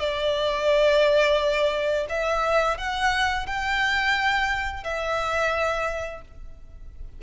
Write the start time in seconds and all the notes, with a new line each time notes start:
0.00 D5
2.10 E5
2.78 F#5
3.47 G5
4.84 E5